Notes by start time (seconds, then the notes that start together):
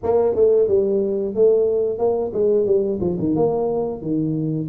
0.03 A#3
0.35 A3
0.68 G3
1.35 A3
1.98 A#3
2.33 G#3
2.65 G3
3.00 F3
3.19 D#3
3.35 A#3
4.01 D#3